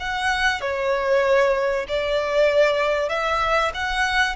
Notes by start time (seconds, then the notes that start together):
0.00 F#5
0.61 C#5
1.88 D5
3.09 E5
3.74 F#5